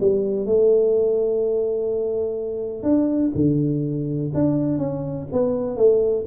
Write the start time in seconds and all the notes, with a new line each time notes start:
0.00 G3
0.46 A3
2.83 D4
3.35 D3
4.34 D4
4.78 C#4
5.32 B3
5.77 A3